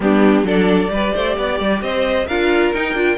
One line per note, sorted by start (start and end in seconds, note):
0.00 0.43 G3
0.00 0.45 B3
0.00 0.45 D4
0.00 0.47 G4
0.43 0.88 F#3
0.43 0.88 D4
0.43 0.91 A4
0.43 1.82 D5
0.88 1.12 G3
0.88 2.24 G4
0.88 1.14 B4
1.14 1.37 A3
1.14 1.37 C5
1.37 1.59 B3
1.37 1.83 D5
1.59 1.81 G3
1.81 2.27 C4
1.81 2.27 C5
1.81 2.27 D#5
2.27 2.73 D4
2.27 2.74 F4
2.27 3.18 A#4
2.27 2.72 F5
2.74 2.94 D#4
2.74 3.18 G5
2.94 3.16 D4
2.94 3.17 F4